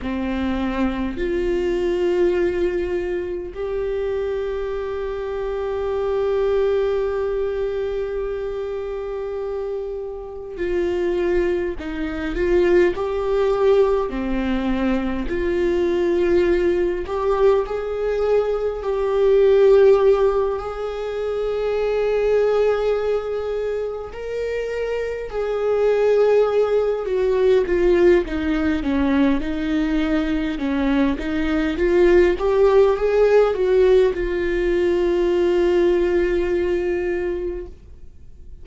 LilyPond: \new Staff \with { instrumentName = "viola" } { \time 4/4 \tempo 4 = 51 c'4 f'2 g'4~ | g'1~ | g'4 f'4 dis'8 f'8 g'4 | c'4 f'4. g'8 gis'4 |
g'4. gis'2~ gis'8~ | gis'8 ais'4 gis'4. fis'8 f'8 | dis'8 cis'8 dis'4 cis'8 dis'8 f'8 g'8 | gis'8 fis'8 f'2. | }